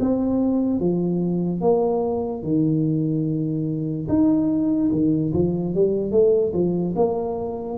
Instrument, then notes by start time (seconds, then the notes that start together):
tuba
0.00 C4
0.80 F3
1.61 A#3
2.43 D#3
4.09 D#4
4.92 D#3
5.33 F3
5.75 G3
6.12 A3
6.53 F3
6.96 A#3